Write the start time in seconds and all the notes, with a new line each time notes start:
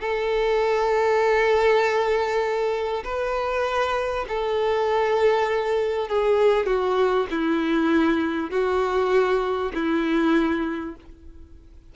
0.00 A4
3.04 B4
4.28 A4
6.08 G#4
6.66 F#4
7.31 E4
8.50 F#4
9.74 E4